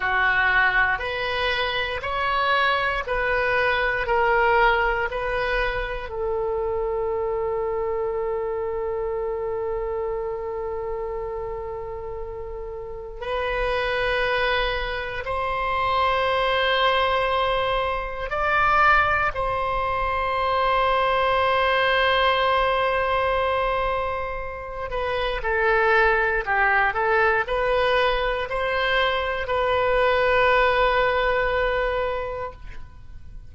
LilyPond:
\new Staff \with { instrumentName = "oboe" } { \time 4/4 \tempo 4 = 59 fis'4 b'4 cis''4 b'4 | ais'4 b'4 a'2~ | a'1~ | a'4 b'2 c''4~ |
c''2 d''4 c''4~ | c''1~ | c''8 b'8 a'4 g'8 a'8 b'4 | c''4 b'2. | }